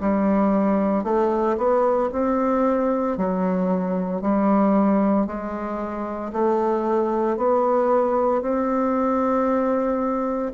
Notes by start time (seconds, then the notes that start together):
0.00 G3
1.03 A3
1.57 B3
2.12 C4
3.17 F#3
4.21 G3
5.26 G#3
6.32 A3
7.36 B3
8.41 C4